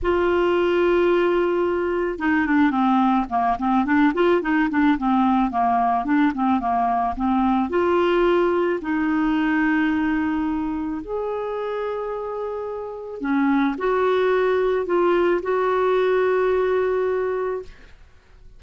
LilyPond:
\new Staff \with { instrumentName = "clarinet" } { \time 4/4 \tempo 4 = 109 f'1 | dis'8 d'8 c'4 ais8 c'8 d'8 f'8 | dis'8 d'8 c'4 ais4 d'8 c'8 | ais4 c'4 f'2 |
dis'1 | gis'1 | cis'4 fis'2 f'4 | fis'1 | }